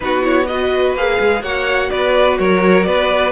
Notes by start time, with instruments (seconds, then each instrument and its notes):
0.00 cello B3, viola D#4, violin F#4 B4
0.21 viola E4, violin C#5
0.46 viola F#4, violin B4 D#5
0.94 cello A#3, viola G#4, violin F5
1.20 cello G#3
1.42 cello A#3, viola F#4, violin C#5 F#5
1.90 cello B3, violin B4 D5
2.38 cello F#3, violin A#4 C#5
2.83 cello B3, violin B4 D5